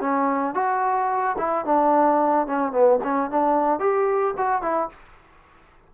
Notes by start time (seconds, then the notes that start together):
0.00 C#4
0.54 F#4
1.38 E4
1.65 D4
2.47 C#4
2.72 B3
3.03 C#4
3.30 D4
3.80 G4
4.37 F#4
4.62 E4